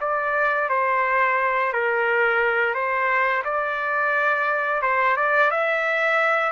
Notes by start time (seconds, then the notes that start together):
0.00 D5
0.69 C5
1.72 A#4
2.74 C5
3.44 D5
4.82 C5
5.16 D5
5.50 E5